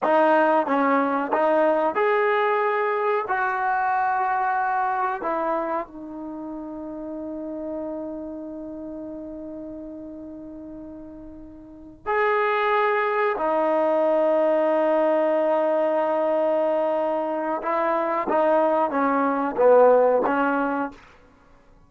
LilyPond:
\new Staff \with { instrumentName = "trombone" } { \time 4/4 \tempo 4 = 92 dis'4 cis'4 dis'4 gis'4~ | gis'4 fis'2. | e'4 dis'2.~ | dis'1~ |
dis'2~ dis'8 gis'4.~ | gis'8 dis'2.~ dis'8~ | dis'2. e'4 | dis'4 cis'4 b4 cis'4 | }